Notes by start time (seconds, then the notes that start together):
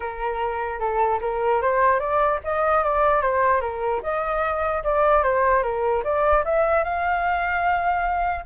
0.00 A#4
0.79 A4
1.21 A#4
1.61 C5
1.99 D5
2.44 D#5
2.83 D5
3.21 C5
3.61 A#4
4.02 D#5
4.83 D5
5.23 C5
5.62 A#4
6.04 D5
6.44 E5
6.84 F5